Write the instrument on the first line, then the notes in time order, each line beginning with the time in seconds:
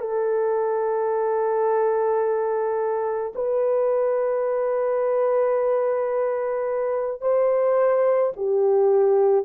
horn
0.00 A4
3.35 B4
7.21 C5
8.36 G4